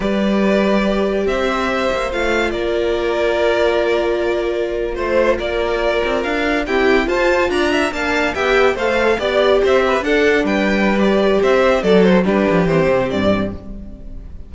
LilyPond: <<
  \new Staff \with { instrumentName = "violin" } { \time 4/4 \tempo 4 = 142 d''2. e''4~ | e''4 f''4 d''2~ | d''2.~ d''8. c''16~ | c''8. d''2 f''4 g''16~ |
g''8. a''4 ais''4 a''4 g''16~ | g''8. f''4 d''4 e''4 fis''16~ | fis''8. g''4~ g''16 d''4 e''4 | d''8 c''8 b'4 c''4 d''4 | }
  \new Staff \with { instrumentName = "violin" } { \time 4/4 b'2. c''4~ | c''2 ais'2~ | ais'2.~ ais'8. c''16~ | c''8. ais'2. g'16~ |
g'8. c''4 d''8 e''8 f''4 e''16~ | e''8. c''4 d''4 c''8 b'8 a'16~ | a'8. b'2~ b'16 c''4 | a'4 g'2. | }
  \new Staff \with { instrumentName = "viola" } { \time 4/4 g'1~ | g'4 f'2.~ | f'1~ | f'2.~ f'8. c'16~ |
c'8. f'2 d'4 g'16~ | g'8. a'4 g'2 d'16~ | d'2 g'2 | a'4 d'4 c'2 | }
  \new Staff \with { instrumentName = "cello" } { \time 4/4 g2. c'4~ | c'8 ais8 a4 ais2~ | ais2.~ ais8. a16~ | a8. ais4. c'8 d'4 e'16~ |
e'8. f'4 d'4 ais4 b16~ | b8. a4 b4 c'4 d'16~ | d'8. g2~ g16 c'4 | fis4 g8 f8 e8 c8 g,4 | }
>>